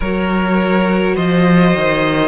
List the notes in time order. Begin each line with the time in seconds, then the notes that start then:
0.00 F#3 F#4 A#4 C#5
1.14 F3 C5 D#5
1.75 D#3